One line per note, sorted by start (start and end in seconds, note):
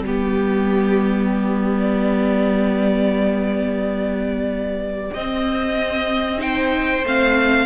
0.00 5.11 G3
0.00 5.16 B3
0.00 6.41 G4
0.00 1.79 G4
1.79 5.14 D5
5.14 7.05 C4
5.14 6.38 C4
5.14 6.41 D#5
6.38 7.02 D#4
6.38 7.66 C5
6.38 7.05 G5
7.05 7.66 A3
7.05 7.66 C4
7.05 7.66 F5